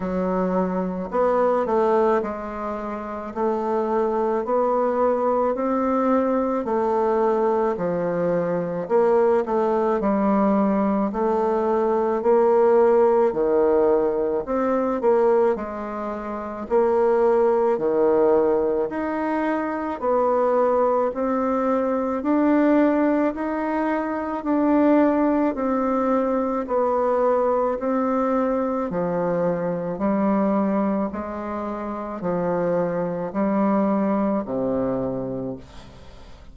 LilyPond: \new Staff \with { instrumentName = "bassoon" } { \time 4/4 \tempo 4 = 54 fis4 b8 a8 gis4 a4 | b4 c'4 a4 f4 | ais8 a8 g4 a4 ais4 | dis4 c'8 ais8 gis4 ais4 |
dis4 dis'4 b4 c'4 | d'4 dis'4 d'4 c'4 | b4 c'4 f4 g4 | gis4 f4 g4 c4 | }